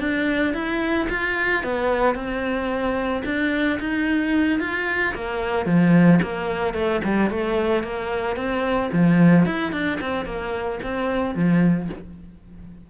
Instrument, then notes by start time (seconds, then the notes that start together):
cello
0.00 D4
0.54 E4
1.09 F4
1.63 B3
2.15 C4
3.25 D4
3.80 D#4
4.60 F4
5.14 A#3
5.66 F3
6.22 A#3
6.74 A3
7.04 G3
7.30 A3
7.84 A#3
8.36 C4
8.92 F3
9.45 E4
9.72 D4
10.00 C4
10.26 A#3
10.83 C4
11.35 F3